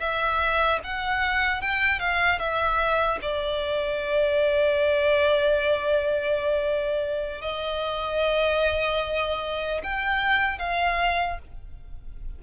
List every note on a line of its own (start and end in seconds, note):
0.00 0.80 E5
0.84 1.61 F#5
1.61 2.00 G5
2.00 2.39 F5
2.39 3.19 E5
3.22 7.41 D5
7.41 9.81 D#5
9.83 10.59 G5
10.59 11.39 F5